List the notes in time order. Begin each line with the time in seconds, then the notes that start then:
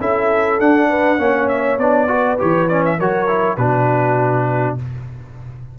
0.00 C#4 E4 A4 E5
0.59 D4 F#5
0.89 B4
1.18 A#3 C#4 C#5
1.48 E5
1.78 B3 D4 D5
2.07 F#4 B4
2.38 E3 G4 C#5
2.68 C#4 D5
2.85 E5
2.98 F#3 F#4 A#4 C#5
3.27 E4
3.57 B2 D4 F#4 B4